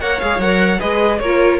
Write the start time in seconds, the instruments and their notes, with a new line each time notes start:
0.00 cello A#3, viola A#4, violin C#5 F#5
0.20 cello G#3, viola G#4, violin F5
0.38 cello F#3, viola A#4, violin F#5
0.79 cello G#3, viola G#4, violin B4 D#5
1.19 cello A#3, viola F4, violin A#4 C#5